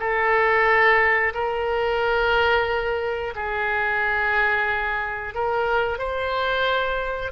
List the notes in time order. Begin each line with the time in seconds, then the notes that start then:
0.00 A4
1.34 A#4
3.35 G#4
5.35 A#4
5.98 C5